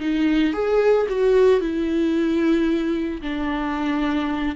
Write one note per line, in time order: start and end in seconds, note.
0.00 0.53 D#4
0.53 1.07 G#4
1.09 1.60 F#4
1.60 3.21 E4
3.22 4.56 D4